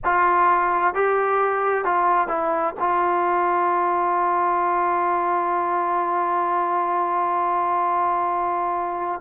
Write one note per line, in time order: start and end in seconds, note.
0.04 0.94 F4
0.94 1.84 G4
1.84 2.28 F4
2.28 2.74 E4
2.79 9.21 F4